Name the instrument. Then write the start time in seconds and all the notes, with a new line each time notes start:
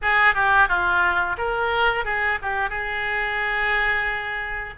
oboe
0.02 G#4
0.34 G4
0.68 F4
1.37 A#4
2.04 G#4
2.42 G4
2.69 G#4